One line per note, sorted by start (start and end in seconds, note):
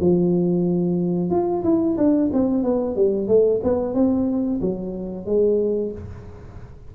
0.00 1.30 F3
1.30 1.63 F4
1.64 1.97 E4
1.98 2.31 D4
2.33 2.64 C4
2.64 2.96 B3
2.96 3.28 G3
3.28 3.61 A3
3.64 3.94 B3
3.94 4.60 C4
4.61 5.26 F#3
5.26 5.92 G#3